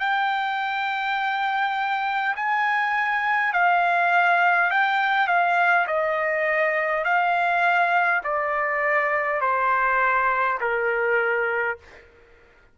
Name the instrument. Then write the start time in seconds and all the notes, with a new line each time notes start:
trumpet
0.00 G5
2.36 G#5
3.53 F5
4.71 G5
5.28 F5
5.87 D#5
7.05 F5
8.24 D5
9.41 C5
10.61 A#4